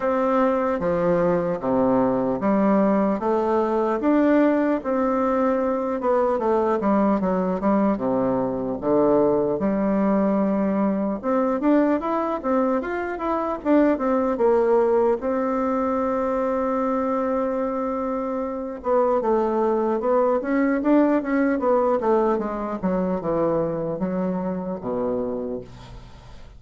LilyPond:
\new Staff \with { instrumentName = "bassoon" } { \time 4/4 \tempo 4 = 75 c'4 f4 c4 g4 | a4 d'4 c'4. b8 | a8 g8 fis8 g8 c4 d4 | g2 c'8 d'8 e'8 c'8 |
f'8 e'8 d'8 c'8 ais4 c'4~ | c'2.~ c'8 b8 | a4 b8 cis'8 d'8 cis'8 b8 a8 | gis8 fis8 e4 fis4 b,4 | }